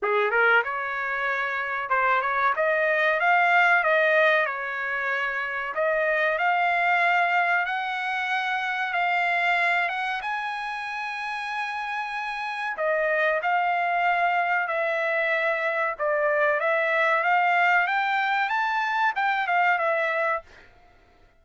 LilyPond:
\new Staff \with { instrumentName = "trumpet" } { \time 4/4 \tempo 4 = 94 gis'8 ais'8 cis''2 c''8 cis''8 | dis''4 f''4 dis''4 cis''4~ | cis''4 dis''4 f''2 | fis''2 f''4. fis''8 |
gis''1 | dis''4 f''2 e''4~ | e''4 d''4 e''4 f''4 | g''4 a''4 g''8 f''8 e''4 | }